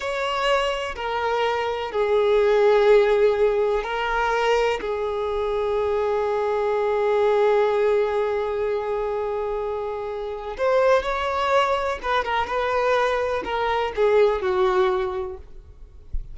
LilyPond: \new Staff \with { instrumentName = "violin" } { \time 4/4 \tempo 4 = 125 cis''2 ais'2 | gis'1 | ais'2 gis'2~ | gis'1~ |
gis'1~ | gis'2 c''4 cis''4~ | cis''4 b'8 ais'8 b'2 | ais'4 gis'4 fis'2 | }